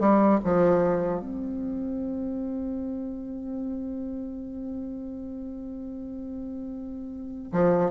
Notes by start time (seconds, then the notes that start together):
0.00 G3
0.44 F3
1.20 C4
7.53 F3